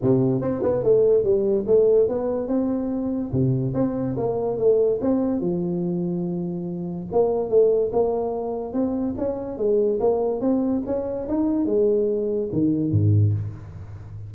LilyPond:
\new Staff \with { instrumentName = "tuba" } { \time 4/4 \tempo 4 = 144 c4 c'8 b8 a4 g4 | a4 b4 c'2 | c4 c'4 ais4 a4 | c'4 f2.~ |
f4 ais4 a4 ais4~ | ais4 c'4 cis'4 gis4 | ais4 c'4 cis'4 dis'4 | gis2 dis4 gis,4 | }